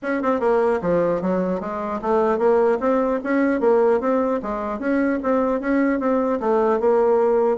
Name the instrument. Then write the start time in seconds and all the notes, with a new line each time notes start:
bassoon
0.02 C#4
0.22 C4
0.39 A#3
0.81 F3
1.21 F#3
1.60 G#3
2.01 A3
2.38 A#3
2.80 C4
3.23 C#4
3.60 A#3
4.00 C4
4.42 G#3
4.79 C#4
5.23 C4
5.60 C#4
5.99 C4
6.40 A3
6.80 A#3